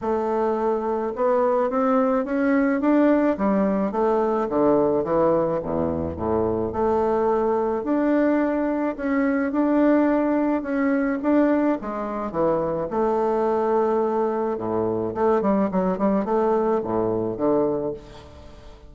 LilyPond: \new Staff \with { instrumentName = "bassoon" } { \time 4/4 \tempo 4 = 107 a2 b4 c'4 | cis'4 d'4 g4 a4 | d4 e4 e,4 a,4 | a2 d'2 |
cis'4 d'2 cis'4 | d'4 gis4 e4 a4~ | a2 a,4 a8 g8 | fis8 g8 a4 a,4 d4 | }